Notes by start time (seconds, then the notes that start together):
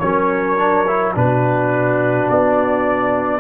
0.00 F#3 C#4 A#4 C#5
0.58 D4
0.88 E4
1.15 B2 D4 F#4 B4
2.29 B3 D5